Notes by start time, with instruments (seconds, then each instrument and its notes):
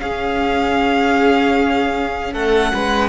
0.00 cello C#4, viola C#4, violin G#4 F5
2.34 cello A3, violin A4 F#5
2.74 cello G#3, violin B4